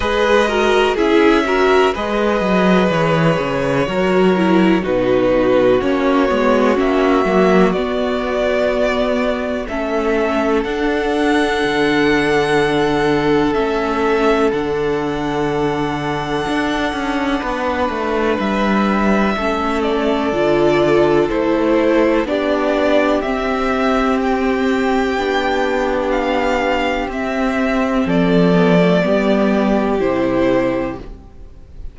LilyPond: <<
  \new Staff \with { instrumentName = "violin" } { \time 4/4 \tempo 4 = 62 dis''4 e''4 dis''4 cis''4~ | cis''4 b'4 cis''4 e''4 | d''2 e''4 fis''4~ | fis''2 e''4 fis''4~ |
fis''2. e''4~ | e''8 d''4. c''4 d''4 | e''4 g''2 f''4 | e''4 d''2 c''4 | }
  \new Staff \with { instrumentName = "violin" } { \time 4/4 b'8 ais'8 gis'8 ais'8 b'2 | ais'4 fis'2.~ | fis'2 a'2~ | a'1~ |
a'2 b'2 | a'2. g'4~ | g'1~ | g'4 a'4 g'2 | }
  \new Staff \with { instrumentName = "viola" } { \time 4/4 gis'8 fis'8 e'8 fis'8 gis'2 | fis'8 e'8 dis'4 cis'8 b8 cis'8 ais8 | b2 cis'4 d'4~ | d'2 cis'4 d'4~ |
d'1 | cis'4 f'4 e'4 d'4 | c'2 d'2 | c'4. b16 a16 b4 e'4 | }
  \new Staff \with { instrumentName = "cello" } { \time 4/4 gis4 cis'4 gis8 fis8 e8 cis8 | fis4 b,4 ais8 gis8 ais8 fis8 | b2 a4 d'4 | d2 a4 d4~ |
d4 d'8 cis'8 b8 a8 g4 | a4 d4 a4 b4 | c'2 b2 | c'4 f4 g4 c4 | }
>>